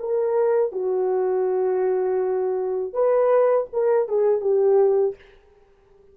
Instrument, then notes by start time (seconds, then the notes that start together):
horn
0.00 A#4
0.73 F#4
2.93 B4
3.73 A#4
4.09 G#4
4.41 G4